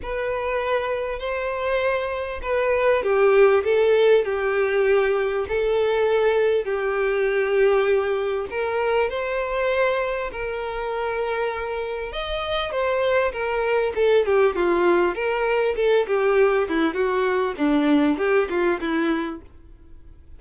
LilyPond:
\new Staff \with { instrumentName = "violin" } { \time 4/4 \tempo 4 = 99 b'2 c''2 | b'4 g'4 a'4 g'4~ | g'4 a'2 g'4~ | g'2 ais'4 c''4~ |
c''4 ais'2. | dis''4 c''4 ais'4 a'8 g'8 | f'4 ais'4 a'8 g'4 e'8 | fis'4 d'4 g'8 f'8 e'4 | }